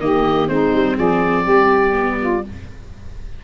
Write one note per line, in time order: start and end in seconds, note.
0.00 0.48 D#3
0.00 0.48 A#3
0.00 0.50 G4
0.00 0.48 D#5
0.48 0.73 G#3
0.48 1.92 C4
0.48 0.96 D#4
0.48 0.97 C5
0.73 0.97 G3
0.96 1.47 F3
0.96 1.43 G#4
0.96 2.44 D5
1.43 2.44 G3
1.43 2.16 G4
1.92 2.40 B3
2.20 2.44 F4